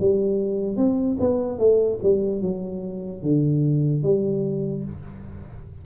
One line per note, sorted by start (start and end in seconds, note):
0.00 0.77 G3
0.77 1.17 C4
1.20 1.59 B3
1.59 1.99 A3
2.03 2.41 G3
2.41 3.22 F#3
3.22 4.03 D3
4.03 4.84 G3